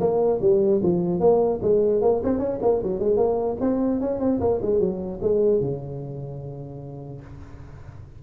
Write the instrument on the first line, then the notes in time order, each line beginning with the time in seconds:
tuba
0.00 A#3
0.41 G3
0.83 F3
1.20 A#3
1.62 G#3
2.02 A#3
2.24 C4
2.39 C#4
2.62 A#3
2.83 F#3
3.00 G#3
3.17 A#3
3.61 C4
4.01 C#4
4.20 C4
4.40 A#3
4.62 G#3
4.80 F#3
5.22 G#3
5.61 C#3